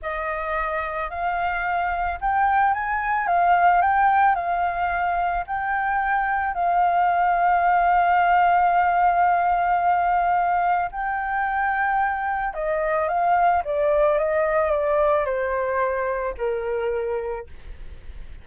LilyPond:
\new Staff \with { instrumentName = "flute" } { \time 4/4 \tempo 4 = 110 dis''2 f''2 | g''4 gis''4 f''4 g''4 | f''2 g''2 | f''1~ |
f''1 | g''2. dis''4 | f''4 d''4 dis''4 d''4 | c''2 ais'2 | }